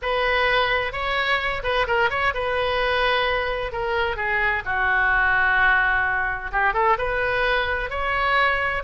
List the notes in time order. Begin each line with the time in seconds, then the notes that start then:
0.01 B4
0.92 C#5
1.63 B4
1.87 A#4
2.10 C#5
2.33 B4
3.71 A#4
4.16 G#4
4.65 F#4
6.52 G4
6.73 A4
6.98 B4
7.89 C#5